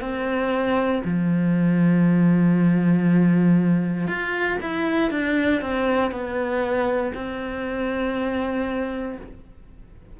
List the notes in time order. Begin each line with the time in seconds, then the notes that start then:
0.00 C4
1.04 F3
4.07 F4
4.61 E4
5.10 D4
5.62 C4
6.11 B3
7.14 C4